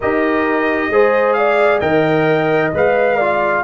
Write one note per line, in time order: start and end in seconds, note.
0.00 0.89 D#4
0.00 0.91 G4
0.00 0.90 A#4
0.00 1.33 D#5
0.89 1.80 G#3
0.89 1.81 G#4
0.89 1.37 C5
1.33 1.80 D5
1.33 1.78 F5
1.80 2.72 D#3
1.80 2.72 A#4
1.80 3.16 D#5
1.80 2.71 G5
2.73 3.63 G#3
2.73 3.20 B4
2.73 3.63 F5
3.16 3.63 F4
3.16 3.62 D5